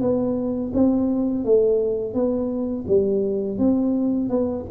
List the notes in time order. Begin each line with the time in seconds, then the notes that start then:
0.00 B3
0.73 C4
1.44 A3
2.13 B3
2.87 G3
3.58 C4
4.29 B3